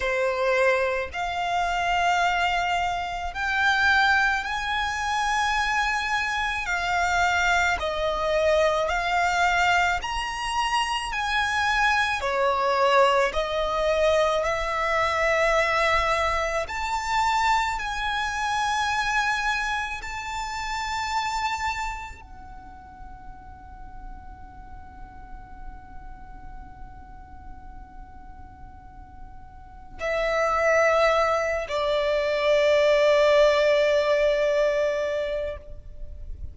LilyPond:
\new Staff \with { instrumentName = "violin" } { \time 4/4 \tempo 4 = 54 c''4 f''2 g''4 | gis''2 f''4 dis''4 | f''4 ais''4 gis''4 cis''4 | dis''4 e''2 a''4 |
gis''2 a''2 | fis''1~ | fis''2. e''4~ | e''8 d''2.~ d''8 | }